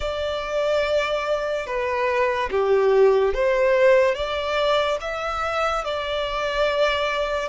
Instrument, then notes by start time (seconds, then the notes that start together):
violin
0.00 D5
1.66 B4
2.50 G4
3.34 C5
4.14 D5
5.00 E5
5.84 D5